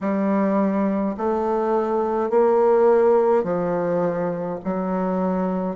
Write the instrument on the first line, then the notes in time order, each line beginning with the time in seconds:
bassoon
0.00 G3
1.17 A3
2.30 A#3
3.43 F3
4.64 F#3